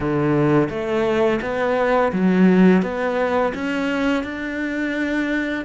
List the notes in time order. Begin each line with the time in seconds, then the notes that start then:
0.00 D3
0.69 A3
1.41 B3
2.12 F#3
2.82 B3
3.54 C#4
4.23 D4